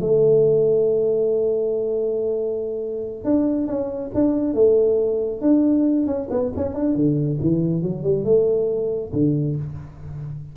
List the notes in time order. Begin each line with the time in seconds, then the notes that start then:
0.00 A3
3.25 D4
3.67 C#4
4.14 D4
4.54 A3
5.41 D4
6.07 C#4
6.31 B3
6.56 C#4
6.74 D4
6.95 D3
7.40 E3
7.82 F#3
8.03 G3
8.25 A3
9.13 D3